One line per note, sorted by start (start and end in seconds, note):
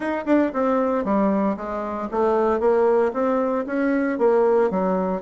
0.00 0.25 D#4
0.25 0.51 D4
0.53 1.04 C4
1.04 1.56 G3
1.56 2.08 G#3
2.11 2.59 A3
2.59 3.12 A#3
3.13 3.65 C4
3.66 4.18 C#4
4.18 4.70 A#3
4.70 5.22 F#3